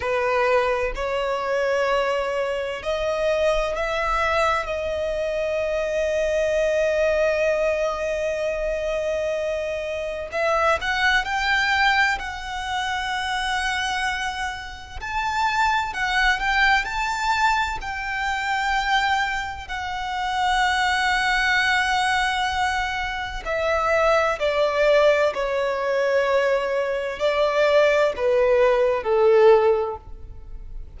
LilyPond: \new Staff \with { instrumentName = "violin" } { \time 4/4 \tempo 4 = 64 b'4 cis''2 dis''4 | e''4 dis''2.~ | dis''2. e''8 fis''8 | g''4 fis''2. |
a''4 fis''8 g''8 a''4 g''4~ | g''4 fis''2.~ | fis''4 e''4 d''4 cis''4~ | cis''4 d''4 b'4 a'4 | }